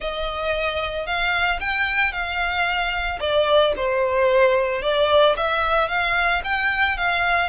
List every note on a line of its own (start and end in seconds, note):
0.00 1.06 D#5
1.06 1.59 F5
1.59 2.12 G5
2.12 3.19 F5
3.19 3.73 D5
3.76 4.82 C5
4.82 5.35 D5
5.36 5.88 E5
5.88 6.42 F5
6.44 6.97 G5
6.97 7.49 F5